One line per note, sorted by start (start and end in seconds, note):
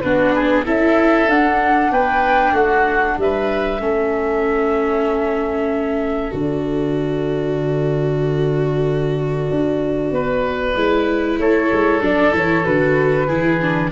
0.00 0.67 B3
0.00 0.65 D4
0.00 0.34 F#4
0.00 0.63 B4
0.34 0.65 G#4
0.65 1.26 C#4
0.65 1.28 E4
0.65 1.91 A4
0.65 1.30 E5
1.26 1.89 D4
1.26 3.79 D4
1.26 1.92 F#5
1.91 2.52 B3
1.91 2.53 B4
1.91 2.54 G5
2.52 3.15 A3
2.52 3.16 F#4
2.52 3.17 F#5
3.17 3.79 G3
3.17 3.81 B4
3.17 6.33 E5
3.79 6.31 A3
3.79 6.31 C#4
3.79 10.12 A4
6.31 9.48 D3
6.31 10.73 F#4
6.31 11.38 D5
9.50 10.11 D4
10.11 10.74 B3
10.11 11.39 B4
10.75 11.38 G#3
10.75 12.01 E4
11.38 11.69 A3
11.38 13.27 A4
11.38 12.02 C#5
11.72 12.01 G#3
12.01 12.32 F#3
12.01 12.32 D4
12.01 12.35 D5
12.32 12.65 E3
12.32 12.63 E4
12.32 12.64 C#5
12.64 13.29 D3
12.64 13.27 F#4
12.64 13.91 B4
13.27 13.91 E3
13.27 13.59 E4
13.27 13.90 G#4
13.60 13.91 D4